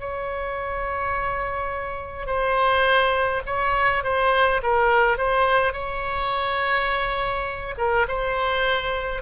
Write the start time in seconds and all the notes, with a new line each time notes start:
0.00 C#5
2.27 C5
3.46 C#5
4.04 C5
4.63 A#4
5.18 C5
5.73 C#5
7.78 A#4
8.08 C5